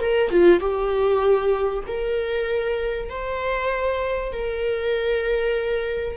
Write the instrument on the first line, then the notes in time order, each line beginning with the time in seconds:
viola
0.00 A#4
0.31 F4
0.60 G4
1.87 A#4
3.09 C5
4.33 A#4